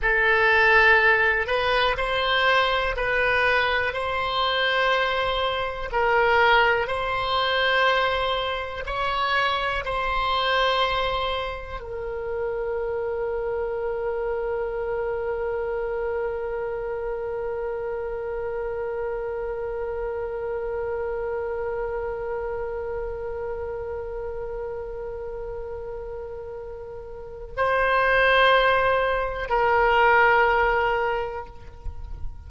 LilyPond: \new Staff \with { instrumentName = "oboe" } { \time 4/4 \tempo 4 = 61 a'4. b'8 c''4 b'4 | c''2 ais'4 c''4~ | c''4 cis''4 c''2 | ais'1~ |
ais'1~ | ais'1~ | ais'1 | c''2 ais'2 | }